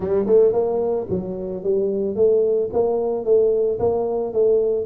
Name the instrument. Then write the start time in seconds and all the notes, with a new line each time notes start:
tuba
0.00 G3
0.26 A3
0.53 A#3
1.09 F#3
1.63 G3
2.15 A3
2.72 A#3
3.24 A3
3.79 A#3
4.33 A3